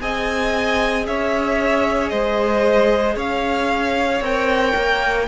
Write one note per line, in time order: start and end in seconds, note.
0.00 1.06 C4
0.00 4.21 G#4
0.00 1.07 D#5
0.00 1.05 G#5
1.06 2.11 C#4
1.06 2.11 C#5
1.06 2.09 E5
2.09 3.16 G#3
2.09 3.15 C5
2.09 3.14 D#5
3.15 4.20 C#4
3.15 5.25 C#5
3.15 4.24 F5
4.20 4.73 C4
4.20 5.27 A#4
4.20 5.27 G5
4.75 5.27 A#3